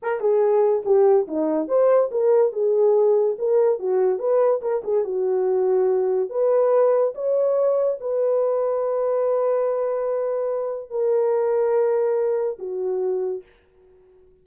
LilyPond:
\new Staff \with { instrumentName = "horn" } { \time 4/4 \tempo 4 = 143 ais'8 gis'4. g'4 dis'4 | c''4 ais'4 gis'2 | ais'4 fis'4 b'4 ais'8 gis'8 | fis'2. b'4~ |
b'4 cis''2 b'4~ | b'1~ | b'2 ais'2~ | ais'2 fis'2 | }